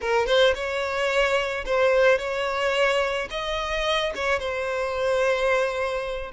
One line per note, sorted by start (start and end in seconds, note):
0.01 0.26 A#4
0.26 0.54 C5
0.54 1.64 C#5
1.65 2.18 C5
2.18 3.28 C#5
3.30 4.13 D#5
4.15 4.39 C#5
4.39 6.31 C5